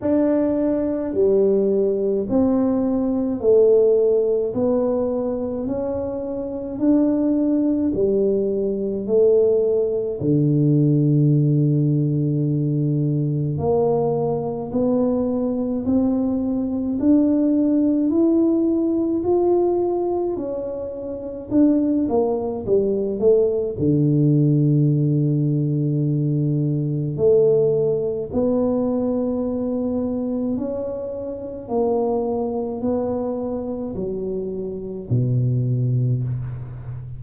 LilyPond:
\new Staff \with { instrumentName = "tuba" } { \time 4/4 \tempo 4 = 53 d'4 g4 c'4 a4 | b4 cis'4 d'4 g4 | a4 d2. | ais4 b4 c'4 d'4 |
e'4 f'4 cis'4 d'8 ais8 | g8 a8 d2. | a4 b2 cis'4 | ais4 b4 fis4 b,4 | }